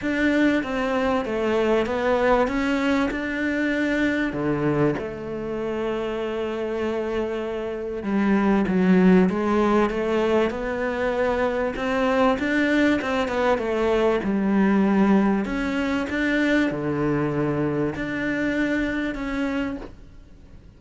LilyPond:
\new Staff \with { instrumentName = "cello" } { \time 4/4 \tempo 4 = 97 d'4 c'4 a4 b4 | cis'4 d'2 d4 | a1~ | a4 g4 fis4 gis4 |
a4 b2 c'4 | d'4 c'8 b8 a4 g4~ | g4 cis'4 d'4 d4~ | d4 d'2 cis'4 | }